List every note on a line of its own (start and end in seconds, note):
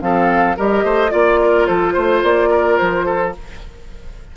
0.00 0.56 F3
0.00 0.56 C4
0.00 0.56 A4
0.00 0.57 F5
0.56 0.83 G3
0.56 1.09 G4
0.56 0.84 A#4
0.56 1.11 D#5
0.83 1.11 A3
0.83 1.11 C5
1.09 1.69 A#3
1.09 3.32 F4
1.09 1.39 D5
1.09 1.66 D5
1.41 1.67 A#4
1.66 1.96 F3
1.66 1.93 A4
1.66 2.21 C5
1.93 2.23 A3
1.93 2.49 C5
2.23 2.78 A#3
2.23 2.77 D5
2.50 3.05 A#4
2.77 3.36 F3
2.77 3.32 C5
3.05 3.33 A4